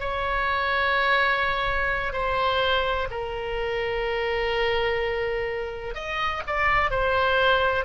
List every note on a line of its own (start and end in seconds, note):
0.00 2.13 C#5
2.13 3.08 C5
3.11 5.95 A#4
5.95 6.42 D#5
6.47 6.91 D5
6.91 7.85 C5